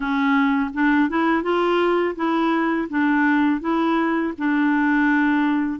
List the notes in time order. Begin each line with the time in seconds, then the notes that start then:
0.00 C#4
0.73 D4
1.09 E4
1.43 F4
2.15 E4
2.89 D4
3.60 E4
4.37 D4